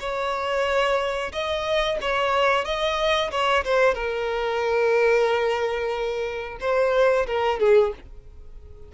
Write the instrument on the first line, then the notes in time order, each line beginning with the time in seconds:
violin
0.00 C#5
1.32 D#5
2.01 C#5
2.65 D#5
3.31 C#5
3.64 C5
3.94 A#4
6.61 C5
7.27 A#4
7.60 G#4